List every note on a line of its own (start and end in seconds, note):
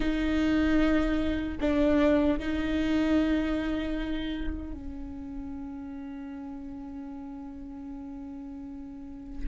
0.00 1.58 D#4
1.60 2.39 D4
2.39 4.73 D#4
4.73 9.47 C#4